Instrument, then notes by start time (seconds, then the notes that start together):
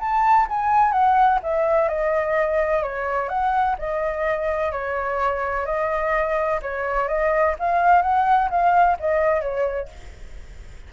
flute
0.00 A5
0.49 G#5
0.93 F#5
1.43 E5
1.89 D#5
2.83 C#5
3.29 F#5
3.79 D#5
4.72 C#5
5.66 D#5
6.62 C#5
7.08 D#5
7.60 F5
8.02 F#5
8.50 F5
9.00 D#5
9.42 C#5